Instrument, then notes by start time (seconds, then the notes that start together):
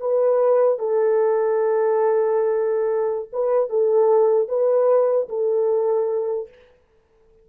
horn
0.00 B4
0.79 A4
3.33 B4
3.70 A4
4.49 B4
5.29 A4